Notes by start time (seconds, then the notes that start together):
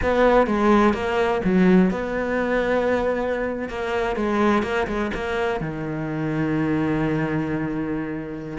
0.02 B3
0.47 G#3
0.93 A#3
1.44 F#3
1.90 B3
3.68 A#3
4.16 G#3
4.63 A#3
4.87 G#3
5.14 A#3
5.60 D#3